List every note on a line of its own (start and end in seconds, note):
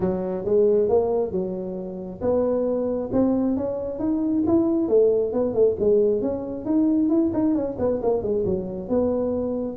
0.00 0.44 F#3
0.44 0.88 G#3
0.88 1.31 A#3
1.31 2.20 F#3
2.21 3.10 B3
3.12 3.56 C4
3.57 3.99 C#4
3.99 4.43 D#4
4.46 4.88 E4
4.88 5.32 A3
5.32 5.53 B3
5.53 5.76 A3
5.79 6.21 G#3
6.21 6.65 C#4
6.65 7.09 D#4
7.09 7.31 E4
7.33 7.54 D#4
7.54 7.77 C#4
7.78 8.00 B3
8.02 8.22 A#3
8.22 8.44 G#3
8.45 8.88 F#3
8.88 9.77 B3